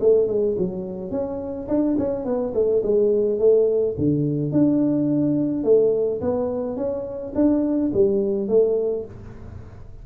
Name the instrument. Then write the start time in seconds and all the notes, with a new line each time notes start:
tuba
0.00 A3
0.27 G#3
0.57 F#3
1.10 C#4
1.68 D4
1.98 C#4
2.25 B3
2.54 A3
2.83 G#3
3.39 A3
3.98 D3
4.52 D4
5.63 A3
6.21 B3
6.76 C#4
7.35 D4
7.93 G3
8.48 A3